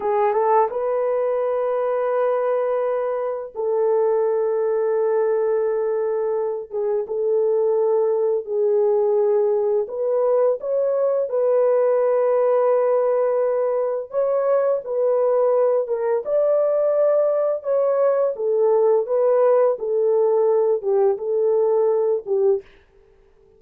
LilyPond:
\new Staff \with { instrumentName = "horn" } { \time 4/4 \tempo 4 = 85 gis'8 a'8 b'2.~ | b'4 a'2.~ | a'4. gis'8 a'2 | gis'2 b'4 cis''4 |
b'1 | cis''4 b'4. ais'8 d''4~ | d''4 cis''4 a'4 b'4 | a'4. g'8 a'4. g'8 | }